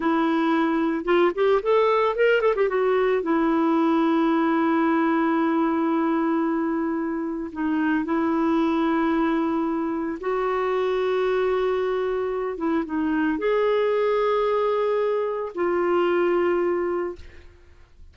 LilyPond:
\new Staff \with { instrumentName = "clarinet" } { \time 4/4 \tempo 4 = 112 e'2 f'8 g'8 a'4 | ais'8 a'16 g'16 fis'4 e'2~ | e'1~ | e'2 dis'4 e'4~ |
e'2. fis'4~ | fis'2.~ fis'8 e'8 | dis'4 gis'2.~ | gis'4 f'2. | }